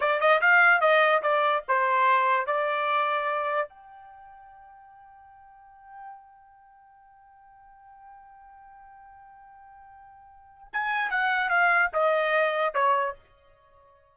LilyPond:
\new Staff \with { instrumentName = "trumpet" } { \time 4/4 \tempo 4 = 146 d''8 dis''8 f''4 dis''4 d''4 | c''2 d''2~ | d''4 g''2.~ | g''1~ |
g''1~ | g''1~ | g''2 gis''4 fis''4 | f''4 dis''2 cis''4 | }